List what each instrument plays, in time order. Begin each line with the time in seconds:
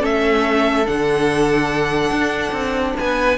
0.00 cello A3, viola C#4, violin A4 E5
0.85 cello D3, viola D4, violin F#5
2.11 cello D4
2.52 cello C4
2.98 cello B3, violin B4 G#5